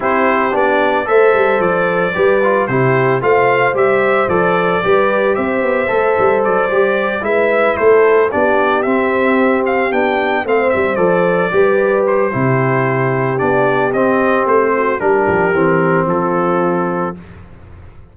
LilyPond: <<
  \new Staff \with { instrumentName = "trumpet" } { \time 4/4 \tempo 4 = 112 c''4 d''4 e''4 d''4~ | d''4 c''4 f''4 e''4 | d''2 e''2 | d''4. e''4 c''4 d''8~ |
d''8 e''4. f''8 g''4 f''8 | e''8 d''2 c''4.~ | c''4 d''4 dis''4 c''4 | ais'2 a'2 | }
  \new Staff \with { instrumentName = "horn" } { \time 4/4 g'2 c''2 | b'4 g'4 c''2~ | c''4 b'4 c''2~ | c''4. b'4 a'4 g'8~ |
g'2.~ g'8 c''8~ | c''4. b'4. g'4~ | g'2.~ g'8 fis'8 | g'2 f'2 | }
  \new Staff \with { instrumentName = "trombone" } { \time 4/4 e'4 d'4 a'2 | g'8 f'8 e'4 f'4 g'4 | a'4 g'2 a'4~ | a'8 g'4 e'2 d'8~ |
d'8 c'2 d'4 c'8~ | c'8 a'4 g'4. e'4~ | e'4 d'4 c'2 | d'4 c'2. | }
  \new Staff \with { instrumentName = "tuba" } { \time 4/4 c'4 b4 a8 g8 f4 | g4 c4 a4 g4 | f4 g4 c'8 b8 a8 g8 | fis8 g4 gis4 a4 b8~ |
b8 c'2 b4 a8 | g8 f4 g4. c4~ | c4 b4 c'4 a4 | g8 f8 e4 f2 | }
>>